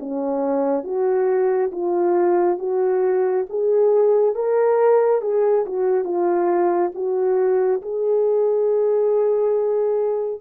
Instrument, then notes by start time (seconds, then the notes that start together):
horn
0.00 C#4
0.84 F#4
1.72 F4
2.59 F#4
3.49 G#4
4.35 A#4
5.22 G#4
5.66 F#4
6.05 F4
6.95 F#4
7.82 G#4